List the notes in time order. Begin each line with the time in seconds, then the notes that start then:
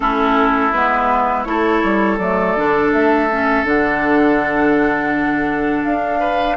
0.00 A3 C#4 E4 A4
0.72 G#3 B3 B4
1.44 A3 E4 A4 C#5
1.83 G3
2.18 F#3 A3 D5
2.56 D3 D4
2.92 A3 E5
3.30 C#4
3.64 D3 D4 F#5
5.84 D4 F5
6.19 B4